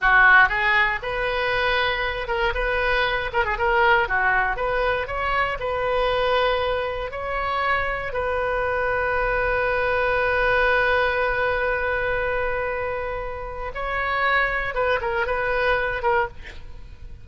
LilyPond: \new Staff \with { instrumentName = "oboe" } { \time 4/4 \tempo 4 = 118 fis'4 gis'4 b'2~ | b'8 ais'8 b'4. ais'16 gis'16 ais'4 | fis'4 b'4 cis''4 b'4~ | b'2 cis''2 |
b'1~ | b'1~ | b'2. cis''4~ | cis''4 b'8 ais'8 b'4. ais'8 | }